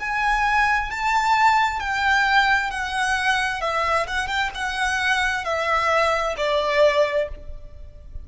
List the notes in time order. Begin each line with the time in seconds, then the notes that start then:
0.00 G#5
0.90 A5
1.80 G5
2.70 F#5
3.61 E5
4.07 F#5
4.27 G5
4.55 F#5
5.45 E5
6.37 D5